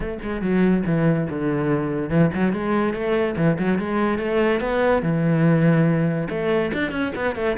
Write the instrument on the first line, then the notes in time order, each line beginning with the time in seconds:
cello
0.00 A3
0.22 G#3
0.41 F#3
0.86 E3
1.29 D3
2.09 E3
2.33 F#3
2.52 G#3
2.93 A3
3.36 E3
3.59 F#3
3.79 G#3
4.18 A3
4.60 B3
5.02 E3
6.29 A3
6.73 D4
6.91 C#4
7.15 B3
7.35 A3